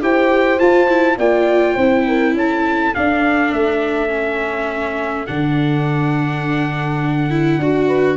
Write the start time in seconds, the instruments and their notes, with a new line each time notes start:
0.00 tuba E4, viola G4, horn C5, trumpet G5
0.58 viola F4, tuba F4, trumpet A5
0.88 viola E4
1.18 tuba A#3, viola F4, horn D5, trumpet G5
1.74 tuba C4, viola E4, horn C5
2.06 horn A#4
2.34 tuba C#4, horn A4, trumpet A5
2.94 viola D4, tuba D4, trumpet F5
3.52 tuba A3, trumpet E5
4.08 viola C#4
5.26 tuba D3, viola D4, trumpet F#5
7.30 viola E4
7.58 tuba D4, viola F#4
7.86 horn B4